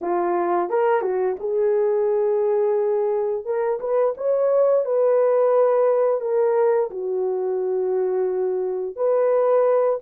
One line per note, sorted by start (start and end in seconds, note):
0.01 0.69 F4
0.69 1.01 A#4
1.01 1.36 F#4
1.39 3.45 G#4
3.45 3.79 A#4
3.80 4.14 B4
4.17 4.85 C#5
4.85 6.21 B4
6.21 6.90 A#4
6.90 8.95 F#4
8.95 9.99 B4